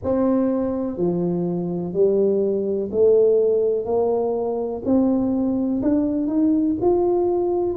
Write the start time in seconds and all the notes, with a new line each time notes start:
0.03 C4
0.97 F3
1.93 G3
2.91 A3
3.85 A#3
4.84 C4
5.82 D4
6.26 D#4
6.80 F4